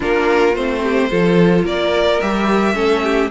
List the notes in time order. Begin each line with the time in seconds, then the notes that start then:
0.00 A#3 D4 F4 A#4
0.55 A3 C4 C5
0.82 G4
1.10 F3 F4 A4
1.64 A#3 A#4 D5
2.20 G3 G4 E5
2.73 A3 C#4 A4
3.03 G4